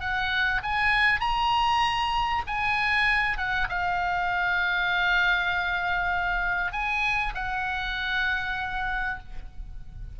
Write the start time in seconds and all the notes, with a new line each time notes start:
0.00 F#5
0.63 G#5
1.20 A#5
2.47 G#5
3.37 F#5
3.69 F5
6.72 G#5
7.35 F#5